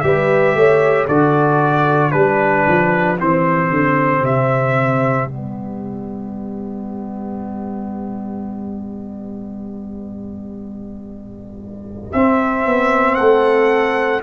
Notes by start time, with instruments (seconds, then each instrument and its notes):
0.00 tuba G3, trombone G4, horn B4, trumpet E5
0.55 tuba A3, horn C#5
1.07 tuba D3, trombone F#4, horn A4, trumpet D5
2.11 tuba G3, trombone D4, horn G4, trumpet B4
2.67 tuba F3
3.19 tuba E3, trombone C4, trumpet C5
3.70 tuba D3
4.21 tuba C3, trumpet E5
5.25 tuba G3, trombone B3, trumpet D5
12.12 tuba C4, trombone C4, trumpet E5
12.66 tuba B3
13.15 tuba A3, horn A4, trumpet F#5